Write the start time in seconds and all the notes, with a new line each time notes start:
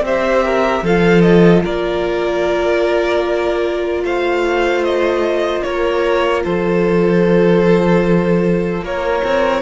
0.00 C4 G4 C5 E5
0.44 A#4
0.82 F3 F4 A4 F5
1.21 D#5
1.63 A#3 A#4 D5
4.03 A3 C5 F5
4.84 D#5
5.62 A#3 A#4 C#5
6.44 F3 A4 C5
8.82 A#3 A#4 C#5
9.24 C4